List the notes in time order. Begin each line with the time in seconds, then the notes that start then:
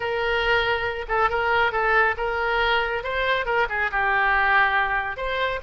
0.00 A#4
1.08 A4
1.29 A#4
1.72 A4
2.17 A#4
3.03 C5
3.45 A#4
3.69 G#4
3.91 G4
5.16 C5